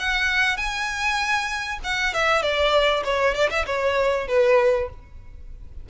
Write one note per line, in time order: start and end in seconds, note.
0.00 0.57 F#5
0.57 1.80 G#5
1.84 2.14 F#5
2.14 2.43 E5
2.43 3.04 D5
3.05 3.35 C#5
3.35 3.50 D5
3.51 3.66 E5
3.67 4.28 C#5
4.28 4.90 B4